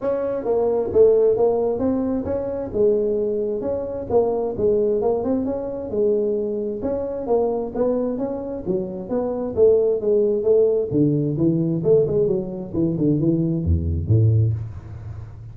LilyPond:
\new Staff \with { instrumentName = "tuba" } { \time 4/4 \tempo 4 = 132 cis'4 ais4 a4 ais4 | c'4 cis'4 gis2 | cis'4 ais4 gis4 ais8 c'8 | cis'4 gis2 cis'4 |
ais4 b4 cis'4 fis4 | b4 a4 gis4 a4 | d4 e4 a8 gis8 fis4 | e8 d8 e4 e,4 a,4 | }